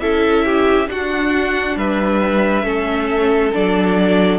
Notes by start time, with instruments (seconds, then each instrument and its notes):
0.00 cello C#4, viola E4, violin A4 E5
0.45 violin G4
0.88 viola D4, cello D4, violin F#4 F#5
1.76 cello G3, violin B4 E5
2.63 cello A3, viola C#4, violin A4
3.53 cello F#3, viola D4, violin D5